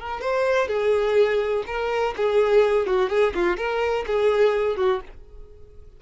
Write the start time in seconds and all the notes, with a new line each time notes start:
0.00 A#4
0.21 C5
0.68 G#4
1.67 A#4
2.16 G#4
2.87 F#4
3.09 G#4
3.35 F4
3.57 A#4
4.07 G#4
4.77 F#4